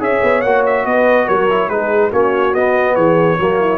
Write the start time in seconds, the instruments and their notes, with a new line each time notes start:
0.00 tuba C#4, trombone G#4, horn C#5, trumpet E5
0.23 tuba B3
0.42 tuba A#3, trombone F#4, trumpet F#5
0.66 trumpet E5
0.85 tuba B3, horn B4, trumpet D#5
1.26 tuba F#3, horn A#4, trumpet C#5
1.49 trombone E4
1.69 tuba G#3, trombone D#4, horn G#4, trumpet B4
2.10 tuba A#3, trombone C#4, horn F#4, trumpet C#5
2.54 trombone B3, tuba B3, trumpet D#5
2.96 tuba E3, horn G#4, trumpet C#5
3.39 tuba F#3, trombone A#3, horn F#4
3.60 horn E4